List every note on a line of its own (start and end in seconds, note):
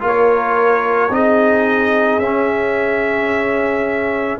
0.00 1.10 A#3
0.00 1.09 F4
0.07 1.14 A#4
0.07 1.14 C#5
1.10 2.19 C4
1.10 2.20 D#4
1.10 4.40 G#4
1.10 2.20 D#5
2.19 4.37 C#4
2.19 4.40 C#4
2.19 4.38 E5